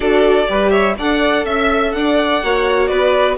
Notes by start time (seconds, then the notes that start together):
0.00 D4 F#4 A4 D5
0.47 G3 G4 B4
0.70 C#5 E5
0.97 D4 A4 D5 F#5
1.45 C#4 E5
1.92 D4 D5 F#5
2.43 A#3 F#4 C#5
2.86 B3 B4 D5